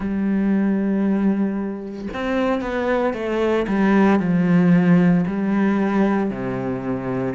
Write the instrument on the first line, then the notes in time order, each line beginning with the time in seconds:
cello
0.00 G3
2.13 C4
2.61 B3
3.13 A3
3.67 G3
4.19 F3
5.26 G3
6.30 C3